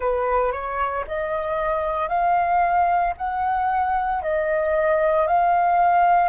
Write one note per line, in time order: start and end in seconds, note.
0.00 0.52 B4
0.52 1.04 C#5
1.07 2.08 D#5
2.08 3.13 F5
3.17 4.22 F#5
4.22 5.27 D#5
5.27 6.29 F5